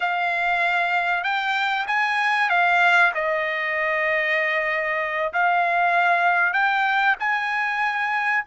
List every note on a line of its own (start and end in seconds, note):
0.00 1.23 F5
1.23 1.86 G5
1.87 2.49 G#5
2.49 3.12 F5
3.14 5.33 D#5
5.33 6.53 F5
6.53 7.15 G5
7.19 8.44 G#5